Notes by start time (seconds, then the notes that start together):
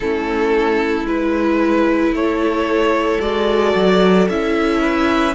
0.00 A3 C#4 E4 A4
1.04 G#3 E4 B4
2.11 A3 A4 C#5
3.20 G#3 F#4 D5
3.75 F#3
4.29 C#4 E4 E5
4.81 B4